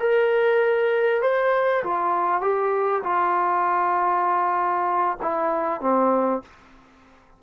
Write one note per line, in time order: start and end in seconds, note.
0.00 1.22 A#4
1.22 1.83 C5
1.84 2.42 F4
2.42 3.03 G4
3.04 5.18 F4
5.23 5.81 E4
5.81 6.42 C4